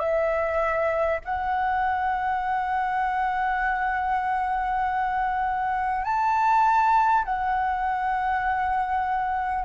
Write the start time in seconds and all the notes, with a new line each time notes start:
0.00 E5
1.25 F#5
6.05 A5
7.25 F#5